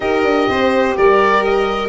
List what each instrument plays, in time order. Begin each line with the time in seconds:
0.00 tuba D#4, horn G4, violin A#4, oboe D#5
0.23 tuba D4
0.48 tuba C4, violin C5
0.96 tuba G3, violin A#4, oboe D5
1.44 oboe D#5